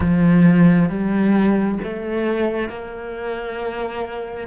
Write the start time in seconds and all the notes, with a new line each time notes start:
0.00 F3
0.89 G3
1.84 A3
2.69 A#3